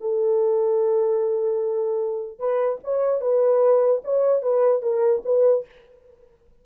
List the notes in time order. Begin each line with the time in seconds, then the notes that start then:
0.00 A4
2.38 B4
2.84 C#5
3.20 B4
4.04 C#5
4.42 B4
4.82 A#4
5.25 B4